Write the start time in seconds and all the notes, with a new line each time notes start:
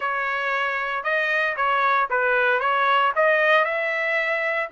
0.00 C#5
1.03 D#5
1.56 C#5
2.10 B4
2.60 C#5
3.15 D#5
3.64 E5